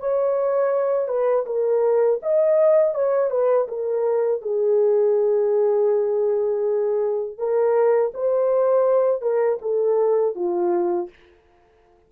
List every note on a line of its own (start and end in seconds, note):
0.00 1.08 C#5
1.08 1.45 B4
1.46 2.20 A#4
2.23 2.95 D#5
2.95 3.31 C#5
3.31 3.68 B4
3.68 4.42 A#4
4.42 7.38 G#4
7.38 8.12 A#4
8.14 9.22 C5
9.22 9.59 A#4
9.62 10.35 A4
10.35 11.09 F4